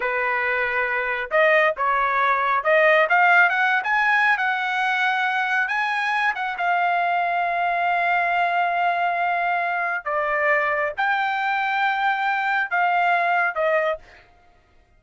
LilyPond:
\new Staff \with { instrumentName = "trumpet" } { \time 4/4 \tempo 4 = 137 b'2. dis''4 | cis''2 dis''4 f''4 | fis''8. gis''4~ gis''16 fis''2~ | fis''4 gis''4. fis''8 f''4~ |
f''1~ | f''2. d''4~ | d''4 g''2.~ | g''4 f''2 dis''4 | }